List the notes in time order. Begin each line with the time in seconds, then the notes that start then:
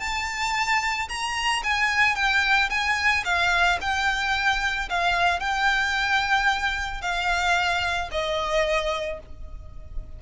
0.00 A5
1.09 A#5
1.63 G#5
2.15 G5
2.70 G#5
3.25 F5
3.81 G5
4.89 F5
5.40 G5
7.01 F5
8.11 D#5